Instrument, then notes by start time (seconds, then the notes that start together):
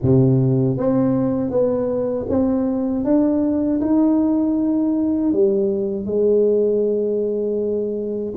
tuba
0.02 C3
0.77 C4
1.50 B3
2.28 C4
3.04 D4
3.80 D#4
5.32 G3
6.05 G#3